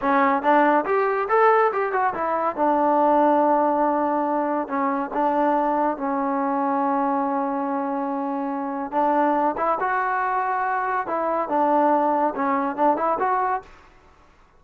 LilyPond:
\new Staff \with { instrumentName = "trombone" } { \time 4/4 \tempo 4 = 141 cis'4 d'4 g'4 a'4 | g'8 fis'8 e'4 d'2~ | d'2. cis'4 | d'2 cis'2~ |
cis'1~ | cis'4 d'4. e'8 fis'4~ | fis'2 e'4 d'4~ | d'4 cis'4 d'8 e'8 fis'4 | }